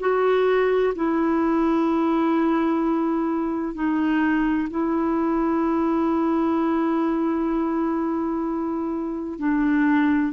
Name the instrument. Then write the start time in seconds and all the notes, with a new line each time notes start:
clarinet
0.00 F#4
0.95 E4
3.75 D#4
4.70 E4
9.39 D4